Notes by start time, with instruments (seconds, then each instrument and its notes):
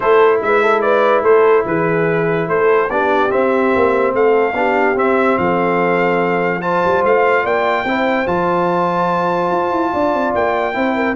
0.00 tuba A3, trombone E4, horn A4, trumpet C5
0.42 tuba G#3, horn B4, trumpet E5
0.62 horn A4
0.81 horn B4, trumpet D5
1.23 tuba A3, horn A4, trumpet C5
1.65 tuba E3, horn G#4, trumpet B4
2.48 tuba A3, horn A4, trumpet C5
2.89 tuba B3, trombone D4, horn G4, trumpet D5
3.29 trombone C4, tuba C4, trumpet E5
3.75 tuba A#3
4.13 tuba A3, horn A4, trumpet F5
4.53 tuba B3, trombone D4, horn G4
4.94 tuba C4, trombone C4, trumpet E5
5.37 tuba F3, horn A4, trumpet F5
6.61 trombone F4, horn C5, trumpet A5
6.84 tuba G3
7.04 tuba A3, trumpet F5
7.43 tuba A#3, horn D5, trumpet G5
7.84 tuba C4, trombone E4, horn C5
8.26 tuba F3, trombone F4, trumpet A5
9.50 tuba F4
9.71 tuba E4
9.92 tuba D4, horn D5
10.13 tuba C4
10.34 tuba A#3, trumpet G5
10.73 tuba C4, trombone E4, horn C5
10.95 horn A#4